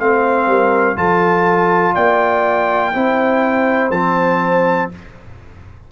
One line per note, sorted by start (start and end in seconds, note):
0.00 0.47 A3
0.00 0.96 C4
0.00 0.50 C5
0.00 0.98 F5
0.47 0.96 G3
0.47 0.97 A#4
0.96 1.95 F3
0.96 2.93 F4
0.96 1.94 A4
0.96 1.95 A5
1.94 2.95 A#3
1.94 2.92 D5
1.94 3.91 G5
2.93 3.91 C4
2.93 3.92 E4
2.93 4.91 C5
3.91 4.89 F3
3.91 4.92 C4
3.91 4.90 A5